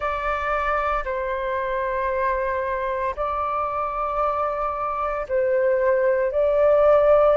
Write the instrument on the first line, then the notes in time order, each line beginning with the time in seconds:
flute
0.00 D5
1.04 C5
3.16 D5
5.28 C5
6.31 D5